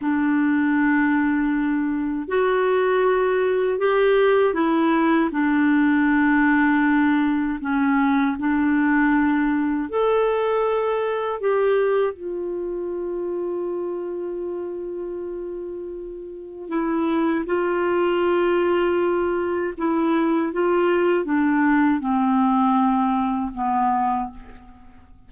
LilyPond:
\new Staff \with { instrumentName = "clarinet" } { \time 4/4 \tempo 4 = 79 d'2. fis'4~ | fis'4 g'4 e'4 d'4~ | d'2 cis'4 d'4~ | d'4 a'2 g'4 |
f'1~ | f'2 e'4 f'4~ | f'2 e'4 f'4 | d'4 c'2 b4 | }